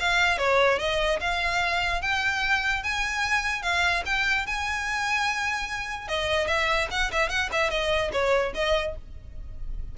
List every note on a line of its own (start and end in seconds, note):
0.00 0.38 F5
0.38 0.79 C#5
0.79 1.20 D#5
1.21 2.02 F5
2.02 2.84 G5
2.84 3.63 G#5
3.63 4.04 F5
4.06 4.47 G5
4.47 6.08 G#5
6.08 6.48 D#5
6.48 6.88 E5
6.91 7.12 F#5
7.12 7.30 E5
7.30 7.50 F#5
7.53 7.71 E5
7.71 8.12 D#5
8.13 8.54 C#5
8.55 8.96 D#5